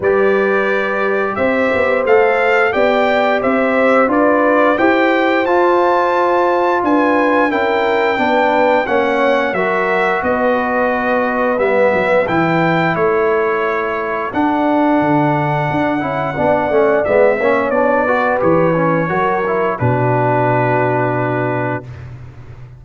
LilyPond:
<<
  \new Staff \with { instrumentName = "trumpet" } { \time 4/4 \tempo 4 = 88 d''2 e''4 f''4 | g''4 e''4 d''4 g''4 | a''2 gis''4 g''4~ | g''4 fis''4 e''4 dis''4~ |
dis''4 e''4 g''4 cis''4~ | cis''4 fis''2.~ | fis''4 e''4 d''4 cis''4~ | cis''4 b'2. | }
  \new Staff \with { instrumentName = "horn" } { \time 4/4 b'2 c''2 | d''4 c''4 b'4 c''4~ | c''2 b'4 ais'4 | b'4 cis''4 ais'4 b'4~ |
b'2. a'4~ | a'1 | d''4. cis''4 b'4. | ais'4 fis'2. | }
  \new Staff \with { instrumentName = "trombone" } { \time 4/4 g'2. a'4 | g'2 f'4 g'4 | f'2. e'4 | d'4 cis'4 fis'2~ |
fis'4 b4 e'2~ | e'4 d'2~ d'8 e'8 | d'8 cis'8 b8 cis'8 d'8 fis'8 g'8 cis'8 | fis'8 e'8 d'2. | }
  \new Staff \with { instrumentName = "tuba" } { \time 4/4 g2 c'8 b8 a4 | b4 c'4 d'4 e'4 | f'2 d'4 cis'4 | b4 ais4 fis4 b4~ |
b4 g8 fis8 e4 a4~ | a4 d'4 d4 d'8 cis'8 | b8 a8 gis8 ais8 b4 e4 | fis4 b,2. | }
>>